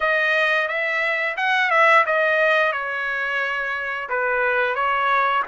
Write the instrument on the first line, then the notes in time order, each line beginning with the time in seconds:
trumpet
0.00 D#5
0.68 E5
1.36 F#5
1.70 E5
2.06 D#5
2.72 C#5
4.09 B4
4.75 C#5